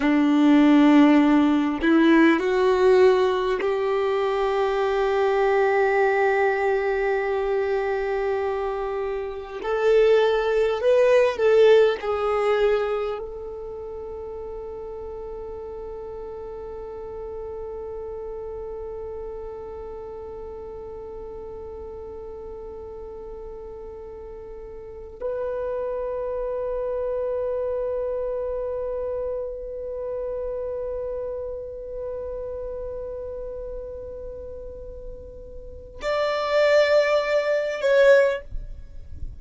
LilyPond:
\new Staff \with { instrumentName = "violin" } { \time 4/4 \tempo 4 = 50 d'4. e'8 fis'4 g'4~ | g'1 | a'4 b'8 a'8 gis'4 a'4~ | a'1~ |
a'1~ | a'4 b'2.~ | b'1~ | b'2 d''4. cis''8 | }